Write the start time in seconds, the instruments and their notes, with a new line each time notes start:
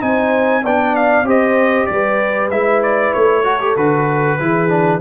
0.00 tuba C4, trombone D#4, horn C5, trumpet G#5
0.63 tuba B3, trombone D4, horn D5, trumpet G5
0.95 trumpet F5
1.23 tuba C4, trombone G4, horn C5
1.29 trumpet D#5
1.86 tuba G3, horn B4, trumpet D5
2.50 tuba G#3, trombone E4, trumpet E5
2.83 trumpet D5
3.13 tuba A3, trumpet C#5
3.44 trombone F#4, horn A4
3.60 trombone G4
3.76 tuba D3, trombone F#4, trumpet B4
4.40 tuba E3, trombone E4, horn G#4
4.68 trombone D4